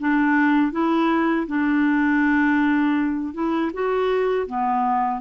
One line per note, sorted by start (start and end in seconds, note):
0.00 0.72 D4
0.72 1.47 E4
1.47 3.34 D4
3.34 3.72 E4
3.74 4.47 F#4
4.47 5.21 B3